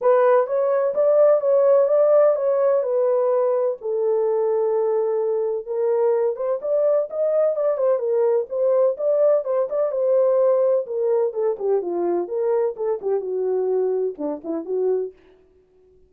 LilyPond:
\new Staff \with { instrumentName = "horn" } { \time 4/4 \tempo 4 = 127 b'4 cis''4 d''4 cis''4 | d''4 cis''4 b'2 | a'1 | ais'4. c''8 d''4 dis''4 |
d''8 c''8 ais'4 c''4 d''4 | c''8 d''8 c''2 ais'4 | a'8 g'8 f'4 ais'4 a'8 g'8 | fis'2 d'8 e'8 fis'4 | }